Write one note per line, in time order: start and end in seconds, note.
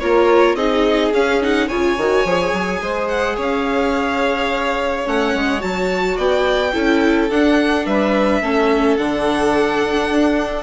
0.00 0.55 A#3
0.00 0.57 F4
0.00 0.57 A#4
0.00 0.56 C#5
0.55 1.11 C4
0.55 1.13 D#4
0.55 1.68 G#4
0.55 1.12 D#5
1.13 1.69 C#4
1.13 1.42 C#4
1.13 1.42 F5
1.42 1.70 D#4
1.42 1.69 F#5
1.68 1.98 C#3
1.68 1.99 F4
1.68 2.80 C#5
1.68 3.08 G#5
1.98 2.25 D#3
1.98 2.27 F#4
2.25 2.53 F3
2.25 5.06 G#4
2.53 2.81 F#3
2.82 3.37 G#3
2.82 3.37 C5
3.08 3.36 F#5
3.37 5.06 C#4
3.37 6.16 C#5
3.37 5.08 F5
5.06 5.35 A3
5.06 5.60 C#4
5.06 5.62 F#5
5.35 5.63 G#3
5.60 6.18 F#3
5.60 6.72 F#4
5.60 6.18 A5
6.16 6.74 B3
6.16 6.72 D5
6.16 7.31 G5
6.73 7.30 C#4
6.73 7.29 E4
6.73 7.86 A4
7.30 7.86 D4
7.30 8.43 D4
7.30 7.86 F#5
7.86 8.42 G3
7.86 8.42 B4
7.86 8.97 E5
8.42 8.98 A3
8.42 8.98 C#4
8.42 10.63 A4
8.97 10.11 D3
8.97 10.63 D4
8.97 10.63 F#5
10.11 10.63 D4